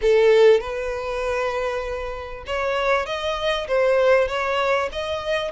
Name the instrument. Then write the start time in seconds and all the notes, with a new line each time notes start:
violin
0.01 A4
0.60 B4
2.46 C#5
3.06 D#5
3.67 C5
4.28 C#5
4.91 D#5